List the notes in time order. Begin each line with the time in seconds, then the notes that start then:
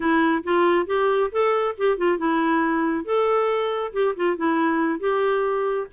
0.00 E4
0.43 F4
0.86 G4
1.31 A4
1.77 G4
1.97 F4
2.17 E4
3.04 A4
3.93 G4
4.15 F4
4.36 E4
4.99 G4